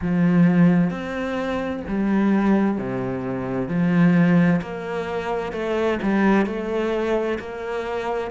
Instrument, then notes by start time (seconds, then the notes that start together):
cello
0.01 F3
0.90 C4
1.88 G3
2.77 C3
3.68 F3
4.61 A#3
5.52 A3
6.02 G3
6.46 A3
7.39 A#3